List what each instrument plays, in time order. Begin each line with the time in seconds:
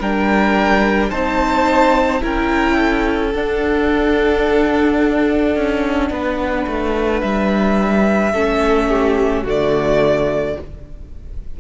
0.00 cello G3, viola D4, violin A#4 G5
1.10 cello C4, viola D#4, violin C5 A5
2.21 cello C#4, viola E4, violin A#4 G5
2.77 violin A4
3.34 cello D4, viola D4, violin F#5
5.56 cello C#4
6.10 cello B3, violin B4
6.67 cello A3
7.22 cello G3, violin E5
8.33 cello A3, viola C#4, violin A4
8.88 violin G4
9.44 cello D3, viola A3, violin F#4 D5